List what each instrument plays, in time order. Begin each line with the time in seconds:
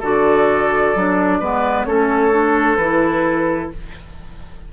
0.00 bassoon D3, clarinet F#4, oboe A4, flute D5
0.95 bassoon F#3, clarinet D4
1.40 bassoon G#3, clarinet B3, oboe B4
1.84 bassoon A3, clarinet C#4, oboe A4, flute C#5
2.32 clarinet D4
2.77 bassoon E3, clarinet E4, flute B4